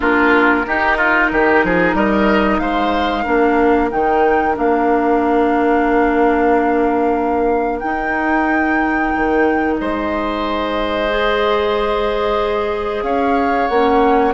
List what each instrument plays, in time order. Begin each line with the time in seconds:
0.00 bassoon A#3, clarinet D4, oboe F4, flute A#4
0.65 clarinet D#4, bassoon D#4, oboe G4
0.97 oboe F4
1.31 bassoon D#3, oboe G4
1.63 bassoon F3, oboe G#4
1.94 bassoon G3, oboe A#4, flute D#5
2.59 bassoon G#3, oboe C5, flute F5
3.23 bassoon A#3, clarinet D4, oboe A#4
3.90 bassoon D#3, clarinet D#4, flute G5
4.54 bassoon A#3, clarinet D4, flute F5
7.79 bassoon D#4, clarinet D#4, flute G5
9.15 bassoon D#3
9.77 bassoon G#3, oboe C5, flute D#5
11.09 clarinet G#4
13.02 bassoon C#4, oboe C#5, flute F5
13.67 bassoon A#3, clarinet C#4, flute F#5